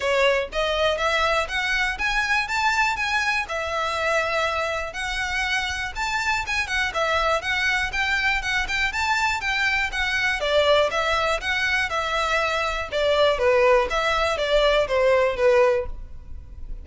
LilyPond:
\new Staff \with { instrumentName = "violin" } { \time 4/4 \tempo 4 = 121 cis''4 dis''4 e''4 fis''4 | gis''4 a''4 gis''4 e''4~ | e''2 fis''2 | a''4 gis''8 fis''8 e''4 fis''4 |
g''4 fis''8 g''8 a''4 g''4 | fis''4 d''4 e''4 fis''4 | e''2 d''4 b'4 | e''4 d''4 c''4 b'4 | }